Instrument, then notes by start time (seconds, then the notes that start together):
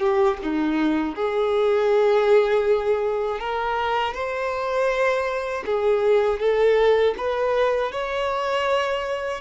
violin
0.00 G4
0.43 D#4
1.16 G#4
3.40 A#4
4.14 C5
5.66 G#4
6.40 A4
7.18 B4
7.92 C#5